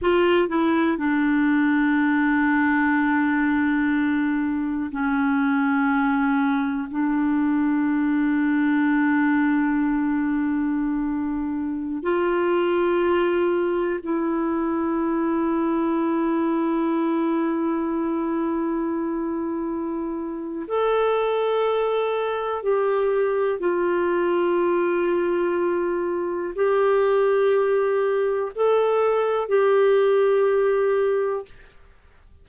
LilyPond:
\new Staff \with { instrumentName = "clarinet" } { \time 4/4 \tempo 4 = 61 f'8 e'8 d'2.~ | d'4 cis'2 d'4~ | d'1~ | d'16 f'2 e'4.~ e'16~ |
e'1~ | e'4 a'2 g'4 | f'2. g'4~ | g'4 a'4 g'2 | }